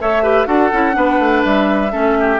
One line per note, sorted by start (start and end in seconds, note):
0.00 0.46 A3
0.00 0.22 A4
0.00 0.23 C#5
0.00 0.46 E5
0.22 0.45 G4
0.22 0.46 B4
0.45 0.70 D4
0.45 0.69 F#4
0.45 0.95 A4
0.45 1.43 F#5
0.72 0.95 C#4
0.72 0.92 E4
0.92 1.18 B3
0.92 1.90 D4
0.92 1.92 B4
1.18 1.43 A3
1.44 1.93 G3
1.44 2.39 E5
1.90 2.39 A3
1.90 2.39 C#4
1.90 2.16 A4
2.19 2.39 G4